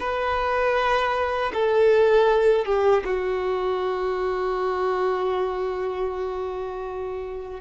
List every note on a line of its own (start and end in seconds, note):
0.00 1.52 B4
1.54 2.66 A4
2.66 3.04 G4
3.04 7.60 F#4